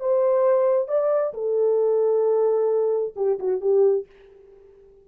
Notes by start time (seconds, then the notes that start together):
0.00 C5
0.88 D5
1.34 A4
3.16 G4
3.40 F#4
3.61 G4